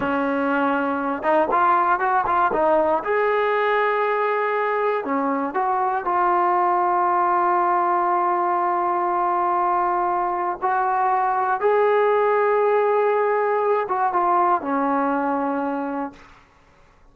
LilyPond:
\new Staff \with { instrumentName = "trombone" } { \time 4/4 \tempo 4 = 119 cis'2~ cis'8 dis'8 f'4 | fis'8 f'8 dis'4 gis'2~ | gis'2 cis'4 fis'4 | f'1~ |
f'1~ | f'4 fis'2 gis'4~ | gis'2.~ gis'8 fis'8 | f'4 cis'2. | }